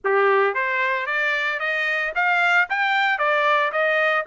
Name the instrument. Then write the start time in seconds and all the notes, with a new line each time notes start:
trumpet
0.04 G4
0.54 C5
1.06 D5
1.59 D#5
2.15 F5
2.69 G5
3.18 D5
3.72 D#5